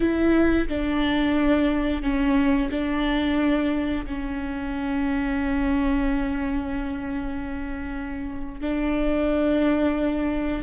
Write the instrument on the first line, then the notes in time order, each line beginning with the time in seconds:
viola
0.00 E4
0.68 D4
2.02 C#4
2.70 D4
4.06 C#4
8.60 D4